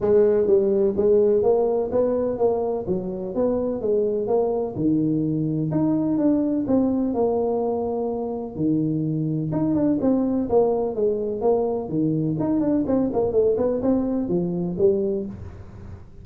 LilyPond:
\new Staff \with { instrumentName = "tuba" } { \time 4/4 \tempo 4 = 126 gis4 g4 gis4 ais4 | b4 ais4 fis4 b4 | gis4 ais4 dis2 | dis'4 d'4 c'4 ais4~ |
ais2 dis2 | dis'8 d'8 c'4 ais4 gis4 | ais4 dis4 dis'8 d'8 c'8 ais8 | a8 b8 c'4 f4 g4 | }